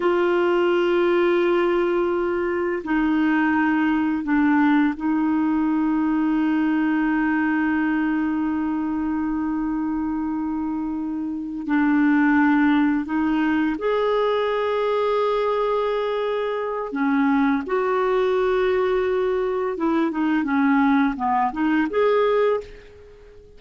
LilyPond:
\new Staff \with { instrumentName = "clarinet" } { \time 4/4 \tempo 4 = 85 f'1 | dis'2 d'4 dis'4~ | dis'1~ | dis'1~ |
dis'8 d'2 dis'4 gis'8~ | gis'1 | cis'4 fis'2. | e'8 dis'8 cis'4 b8 dis'8 gis'4 | }